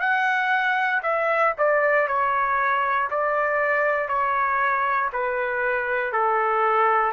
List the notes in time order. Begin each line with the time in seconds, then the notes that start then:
0.00 F#5
1.03 E5
1.58 D5
2.08 C#5
3.10 D5
4.08 C#5
5.13 B4
6.12 A4